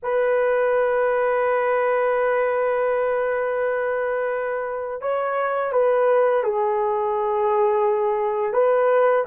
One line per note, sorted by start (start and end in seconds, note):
0.03 5.01 B4
5.01 5.72 C#5
5.72 6.43 B4
6.43 8.53 G#4
8.53 9.24 B4